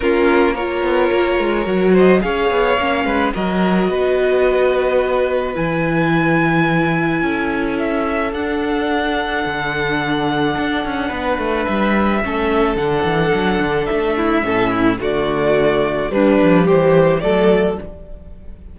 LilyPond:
<<
  \new Staff \with { instrumentName = "violin" } { \time 4/4 \tempo 4 = 108 ais'4 cis''2~ cis''8 dis''8 | f''2 dis''2~ | dis''2 gis''2~ | gis''2 e''4 fis''4~ |
fis''1~ | fis''4 e''2 fis''4~ | fis''4 e''2 d''4~ | d''4 b'4 c''4 d''4 | }
  \new Staff \with { instrumentName = "violin" } { \time 4/4 f'4 ais'2~ ais'8 c''8 | cis''4. b'8 ais'4 b'4~ | b'1~ | b'4 a'2.~ |
a'1 | b'2 a'2~ | a'4. e'8 a'8 e'8 fis'4~ | fis'4 d'4 g'4 a'4 | }
  \new Staff \with { instrumentName = "viola" } { \time 4/4 cis'4 f'2 fis'4 | gis'4 cis'4 fis'2~ | fis'2 e'2~ | e'2. d'4~ |
d'1~ | d'2 cis'4 d'4~ | d'2 cis'4 a4~ | a4 g2 a4 | }
  \new Staff \with { instrumentName = "cello" } { \time 4/4 ais4. b8 ais8 gis8 fis4 | cis'8 b8 ais8 gis8 fis4 b4~ | b2 e2~ | e4 cis'2 d'4~ |
d'4 d2 d'8 cis'8 | b8 a8 g4 a4 d8 e8 | fis8 d8 a4 a,4 d4~ | d4 g8 f8 e4 fis4 | }
>>